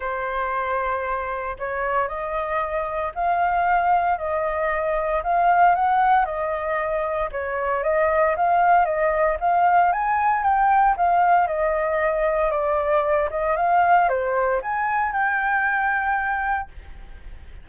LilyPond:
\new Staff \with { instrumentName = "flute" } { \time 4/4 \tempo 4 = 115 c''2. cis''4 | dis''2 f''2 | dis''2 f''4 fis''4 | dis''2 cis''4 dis''4 |
f''4 dis''4 f''4 gis''4 | g''4 f''4 dis''2 | d''4. dis''8 f''4 c''4 | gis''4 g''2. | }